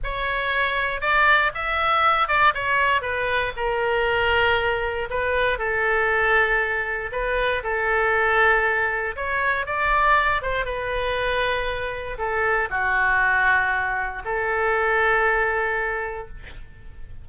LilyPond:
\new Staff \with { instrumentName = "oboe" } { \time 4/4 \tempo 4 = 118 cis''2 d''4 e''4~ | e''8 d''8 cis''4 b'4 ais'4~ | ais'2 b'4 a'4~ | a'2 b'4 a'4~ |
a'2 cis''4 d''4~ | d''8 c''8 b'2. | a'4 fis'2. | a'1 | }